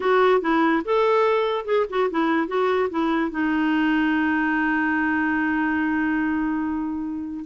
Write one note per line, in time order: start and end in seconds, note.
0.00 0.41 F#4
0.41 0.82 E4
0.85 1.65 A4
1.65 1.85 G#4
1.89 2.10 F#4
2.10 2.47 E4
2.47 2.89 F#4
2.90 3.30 E4
3.30 7.44 D#4